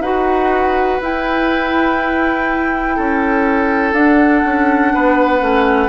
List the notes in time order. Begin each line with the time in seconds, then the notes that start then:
0.00 D#4 F#4 B4 F#5
1.01 E4 G5
2.96 C#4 A4
3.93 D4 F#5
4.45 C#4
4.94 B3 B4
5.40 A3 C#4